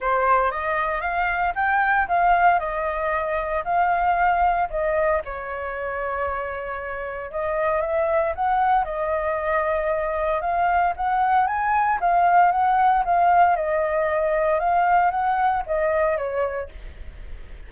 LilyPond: \new Staff \with { instrumentName = "flute" } { \time 4/4 \tempo 4 = 115 c''4 dis''4 f''4 g''4 | f''4 dis''2 f''4~ | f''4 dis''4 cis''2~ | cis''2 dis''4 e''4 |
fis''4 dis''2. | f''4 fis''4 gis''4 f''4 | fis''4 f''4 dis''2 | f''4 fis''4 dis''4 cis''4 | }